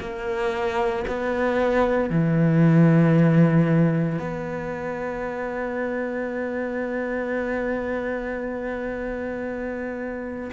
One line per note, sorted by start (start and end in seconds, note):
0.00 1.05 A#3
1.08 2.10 B3
2.10 4.19 E3
4.19 10.51 B3